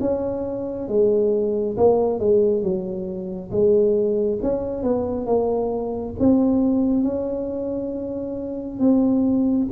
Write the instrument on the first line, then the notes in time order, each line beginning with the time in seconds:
tuba
0.00 C#4
0.88 G#3
1.76 A#3
2.19 G#3
2.62 F#3
3.51 G#3
4.42 C#4
4.82 B3
5.26 A#3
6.19 C4
7.03 C#4
8.79 C4